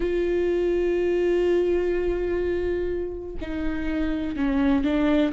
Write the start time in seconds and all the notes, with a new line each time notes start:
0.00 F4
3.41 D#4
4.36 C#4
4.84 D4